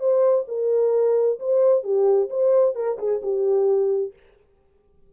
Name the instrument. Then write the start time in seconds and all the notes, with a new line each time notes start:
horn
0.00 C5
0.48 A#4
1.40 C5
1.84 G4
2.30 C5
2.75 A#4
2.99 G#4
3.23 G4